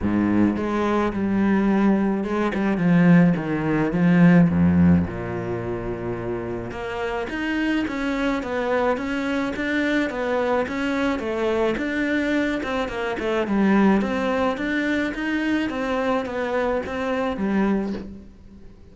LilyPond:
\new Staff \with { instrumentName = "cello" } { \time 4/4 \tempo 4 = 107 gis,4 gis4 g2 | gis8 g8 f4 dis4 f4 | f,4 ais,2. | ais4 dis'4 cis'4 b4 |
cis'4 d'4 b4 cis'4 | a4 d'4. c'8 ais8 a8 | g4 c'4 d'4 dis'4 | c'4 b4 c'4 g4 | }